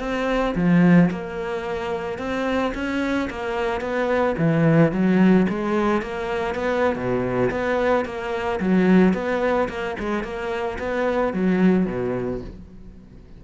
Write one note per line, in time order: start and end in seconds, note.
0.00 0.55 C4
0.56 1.10 F3
1.11 2.19 A#3
2.19 2.73 C4
2.75 3.29 C#4
3.30 3.81 A#3
3.81 4.36 B3
4.38 4.92 E3
4.92 5.47 F#3
5.49 6.02 G#3
6.02 6.55 A#3
6.55 6.96 B3
6.96 7.50 B2
7.51 8.06 B3
8.06 8.60 A#3
8.60 9.14 F#3
9.14 9.69 B3
9.69 9.96 A#3
10.00 10.24 G#3
10.24 10.78 A#3
10.79 11.34 B3
11.34 11.86 F#3
11.86 12.41 B2